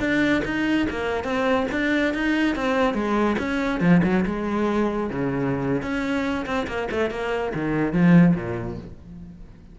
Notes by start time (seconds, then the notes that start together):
0.00 D4
0.45 D#4
0.90 A#3
1.24 C4
1.71 D4
2.14 D#4
2.55 C4
2.94 G#3
3.38 C#4
3.80 F3
4.03 F#3
4.25 G#3
5.10 C#3
5.82 C#4
6.46 C4
6.67 A#3
6.91 A3
7.10 A#3
7.54 D#3
7.92 F3
8.35 A#2